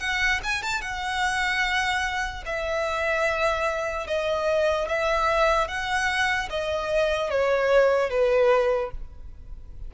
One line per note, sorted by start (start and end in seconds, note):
0.00 0.41 F#5
0.44 0.63 G#5
0.63 0.82 A5
0.82 2.44 F#5
2.46 4.07 E5
4.07 4.88 D#5
4.88 5.68 E5
5.68 6.49 F#5
6.50 7.30 D#5
7.30 8.10 C#5
8.10 8.91 B4